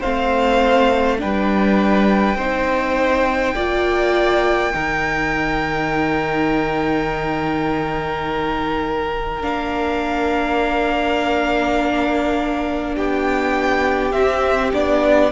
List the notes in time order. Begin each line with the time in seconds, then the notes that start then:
0.00 A3 C4 C5 F5
1.18 G3 D4 B4 G5
2.36 C4 D#4 C5
3.55 A#3 F4 D5
4.73 D#3 D#4 A#4
9.41 A#3 D4 F5
12.95 B3 G4 G5
14.12 C4 E5
14.73 B3 D4 D5